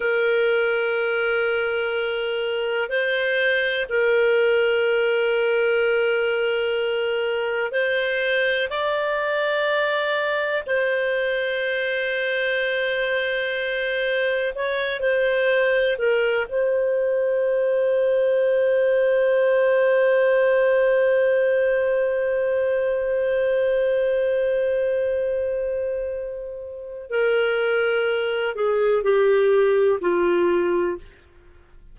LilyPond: \new Staff \with { instrumentName = "clarinet" } { \time 4/4 \tempo 4 = 62 ais'2. c''4 | ais'1 | c''4 d''2 c''4~ | c''2. cis''8 c''8~ |
c''8 ais'8 c''2.~ | c''1~ | c''1 | ais'4. gis'8 g'4 f'4 | }